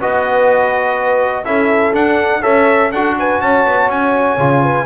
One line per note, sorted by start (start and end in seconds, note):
0.00 1.44 B3
0.00 1.44 F#4
0.00 1.45 B4
0.00 1.44 D#5
1.44 1.93 C#4
1.44 1.93 E4
1.44 2.40 A4
1.44 1.93 E5
1.93 2.41 D4
1.93 2.42 D4
1.93 2.42 F#5
2.40 2.91 C#4
2.40 2.90 A4
2.40 2.89 C#5
2.40 2.91 E5
2.91 3.40 D4
2.91 4.39 F#4
2.91 3.15 A4
2.91 3.16 F#5
3.18 3.41 B4
3.18 3.41 G#5
3.41 3.65 C#4
3.41 4.62 C#5
3.41 3.90 A5
3.66 3.88 B3
3.88 4.36 C#4
3.88 4.86 G#5
4.37 4.86 C#3
4.37 4.86 F4
4.62 4.86 B4